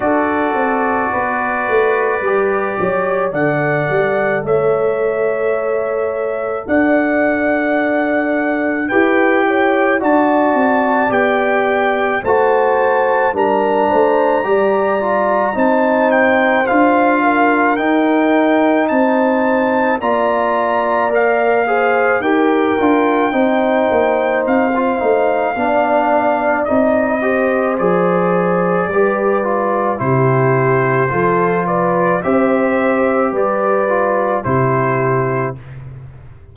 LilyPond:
<<
  \new Staff \with { instrumentName = "trumpet" } { \time 4/4 \tempo 4 = 54 d''2. fis''4 | e''2 fis''2 | g''4 a''4 g''4 a''4 | ais''2 a''8 g''8 f''4 |
g''4 a''4 ais''4 f''4 | g''2 f''2 | dis''4 d''2 c''4~ | c''8 d''8 e''4 d''4 c''4 | }
  \new Staff \with { instrumentName = "horn" } { \time 4/4 a'4 b'4. cis''8 d''4 | cis''2 d''2 | b'8 cis''8 d''2 c''4 | ais'8 c''8 d''4 c''4. ais'8~ |
ais'4 c''4 d''4. c''8 | ais'4 c''2 d''4~ | d''8 c''4. b'4 g'4 | a'8 b'8 c''4 b'4 g'4 | }
  \new Staff \with { instrumentName = "trombone" } { \time 4/4 fis'2 g'4 a'4~ | a'1 | g'4 fis'4 g'4 fis'4 | d'4 g'8 f'8 dis'4 f'4 |
dis'2 f'4 ais'8 gis'8 | g'8 f'8 dis'4~ dis'16 f'16 dis'8 d'4 | dis'8 g'8 gis'4 g'8 f'8 e'4 | f'4 g'4. f'8 e'4 | }
  \new Staff \with { instrumentName = "tuba" } { \time 4/4 d'8 c'8 b8 a8 g8 fis8 d8 g8 | a2 d'2 | e'4 d'8 c'8 b4 a4 | g8 a8 g4 c'4 d'4 |
dis'4 c'4 ais2 | dis'8 d'8 c'8 ais8 c'8 a8 b4 | c'4 f4 g4 c4 | f4 c'4 g4 c4 | }
>>